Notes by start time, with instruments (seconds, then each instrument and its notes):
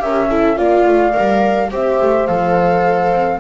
0.00 double bass C#4, viola G4, horn A#4, flute E5
0.30 viola E4, horn A4
0.56 double bass A#3, viola F4, horn D5, flute F5
0.87 double bass A3
1.13 double bass G3, viola A#4
1.71 double bass C4, viola G4, horn C5, flute E5
2.01 double bass A3
2.27 double bass F3, viola A4, flute F5
3.12 double bass C4